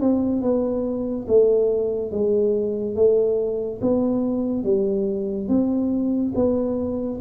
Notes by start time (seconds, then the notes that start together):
0.00 C4
0.41 B3
1.27 A3
2.11 G#3
2.95 A3
3.81 B3
4.63 G3
5.48 C4
6.35 B3